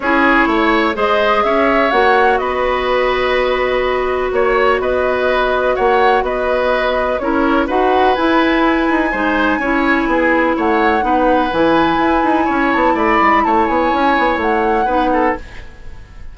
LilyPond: <<
  \new Staff \with { instrumentName = "flute" } { \time 4/4 \tempo 4 = 125 cis''2 dis''4 e''4 | fis''4 dis''2.~ | dis''4 cis''4 dis''2 | fis''4 dis''2 cis''4 |
fis''4 gis''2.~ | gis''2 fis''2 | gis''2~ gis''8 a''8 b''4 | a''8 gis''4. fis''2 | }
  \new Staff \with { instrumentName = "oboe" } { \time 4/4 gis'4 cis''4 c''4 cis''4~ | cis''4 b'2.~ | b'4 cis''4 b'2 | cis''4 b'2 ais'4 |
b'2. c''4 | cis''4 gis'4 cis''4 b'4~ | b'2 cis''4 d''4 | cis''2. b'8 a'8 | }
  \new Staff \with { instrumentName = "clarinet" } { \time 4/4 e'2 gis'2 | fis'1~ | fis'1~ | fis'2. e'4 |
fis'4 e'2 dis'4 | e'2. dis'4 | e'1~ | e'2. dis'4 | }
  \new Staff \with { instrumentName = "bassoon" } { \time 4/4 cis'4 a4 gis4 cis'4 | ais4 b2.~ | b4 ais4 b2 | ais4 b2 cis'4 |
dis'4 e'4. dis'8 gis4 | cis'4 b4 a4 b4 | e4 e'8 dis'8 cis'8 b8 a8 gis8 | a8 b8 cis'8 b8 a4 b4 | }
>>